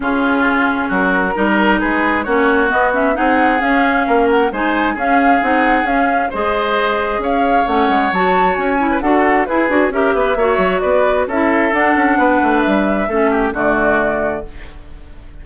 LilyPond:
<<
  \new Staff \with { instrumentName = "flute" } { \time 4/4 \tempo 4 = 133 gis'2 ais'2 | b'4 cis''4 dis''8 e''8 fis''4 | f''4. fis''8 gis''4 f''4 | fis''4 f''4 dis''2 |
f''4 fis''4 a''4 gis''4 | fis''4 b'4 e''2 | d''4 e''4 fis''2 | e''2 d''2 | }
  \new Staff \with { instrumentName = "oboe" } { \time 4/4 f'2 fis'4 ais'4 | gis'4 fis'2 gis'4~ | gis'4 ais'4 c''4 gis'4~ | gis'2 c''2 |
cis''2.~ cis''8. b'16 | a'4 gis'4 ais'8 b'8 cis''4 | b'4 a'2 b'4~ | b'4 a'8 g'8 fis'2 | }
  \new Staff \with { instrumentName = "clarinet" } { \time 4/4 cis'2. dis'4~ | dis'4 cis'4 b8 cis'8 dis'4 | cis'2 dis'4 cis'4 | dis'4 cis'4 gis'2~ |
gis'4 cis'4 fis'4. e'8 | fis'4 e'8 fis'8 g'4 fis'4~ | fis'4 e'4 d'2~ | d'4 cis'4 a2 | }
  \new Staff \with { instrumentName = "bassoon" } { \time 4/4 cis2 fis4 g4 | gis4 ais4 b4 c'4 | cis'4 ais4 gis4 cis'4 | c'4 cis'4 gis2 |
cis'4 a8 gis8 fis4 cis'4 | d'4 e'8 d'8 cis'8 b8 ais8 fis8 | b4 cis'4 d'8 cis'8 b8 a8 | g4 a4 d2 | }
>>